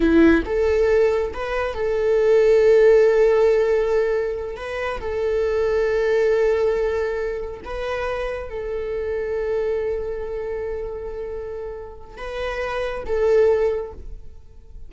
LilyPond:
\new Staff \with { instrumentName = "viola" } { \time 4/4 \tempo 4 = 138 e'4 a'2 b'4 | a'1~ | a'2~ a'8 b'4 a'8~ | a'1~ |
a'4. b'2 a'8~ | a'1~ | a'1 | b'2 a'2 | }